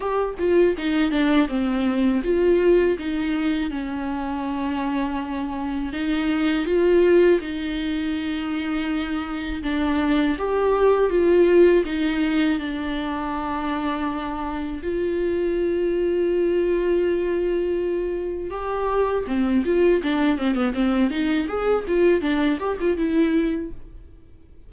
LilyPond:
\new Staff \with { instrumentName = "viola" } { \time 4/4 \tempo 4 = 81 g'8 f'8 dis'8 d'8 c'4 f'4 | dis'4 cis'2. | dis'4 f'4 dis'2~ | dis'4 d'4 g'4 f'4 |
dis'4 d'2. | f'1~ | f'4 g'4 c'8 f'8 d'8 c'16 b16 | c'8 dis'8 gis'8 f'8 d'8 g'16 f'16 e'4 | }